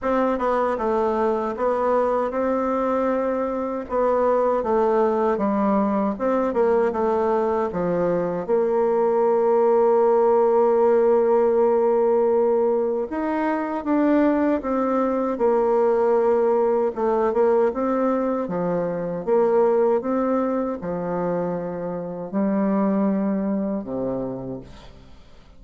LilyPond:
\new Staff \with { instrumentName = "bassoon" } { \time 4/4 \tempo 4 = 78 c'8 b8 a4 b4 c'4~ | c'4 b4 a4 g4 | c'8 ais8 a4 f4 ais4~ | ais1~ |
ais4 dis'4 d'4 c'4 | ais2 a8 ais8 c'4 | f4 ais4 c'4 f4~ | f4 g2 c4 | }